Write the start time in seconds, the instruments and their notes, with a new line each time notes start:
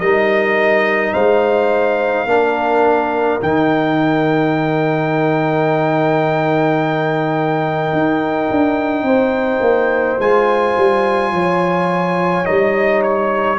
0.00 tuba G3, trombone D#4, horn A#4, trumpet D#5
1.13 tuba G#3, horn C5, trumpet F5
2.26 tuba A#3, trombone D4, horn A#4
3.41 tuba D#3, trombone D#4, trumpet G5
7.93 tuba D#4
8.51 tuba D4
9.03 tuba C4, horn C5
9.61 tuba A#3
10.19 tuba G#3, trombone F4, trumpet G#5
10.78 tuba G3
11.33 tuba F3, horn C#5
12.45 tuba G3, trombone D#4, trumpet D#5
13.03 trumpet C#5